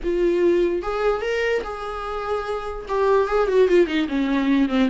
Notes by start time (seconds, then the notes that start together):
0.03 F4
0.82 G#4
1.21 A#4
1.63 G#4
2.88 G4
3.27 G#4
3.48 F#4
3.68 F4
3.87 D#4
4.08 C#4
4.68 C4